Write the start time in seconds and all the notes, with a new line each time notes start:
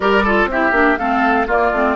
0.00 G3 G4 A#4 D5
0.24 F4 A4
0.45 C4 G4 E5
0.51 E4
0.71 A#3 D4
0.97 A3 C4 A4 F5
1.47 A#3 F4 D5
1.71 A3 C4